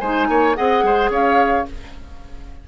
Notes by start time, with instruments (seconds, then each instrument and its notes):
0.00 bassoon G#3, clarinet D#4, oboe C5, flute G#5
0.29 bassoon A#3, oboe C#5
0.56 bassoon C4, clarinet G#4, oboe D#5, flute F#5
0.83 bassoon G#3, oboe C5
1.10 bassoon C#4, oboe C#5, flute F5